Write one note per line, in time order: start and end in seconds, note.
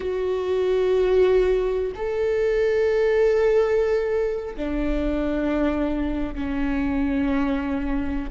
0.00 1.92 F#4
1.95 4.56 A4
4.56 6.34 D4
6.34 8.30 C#4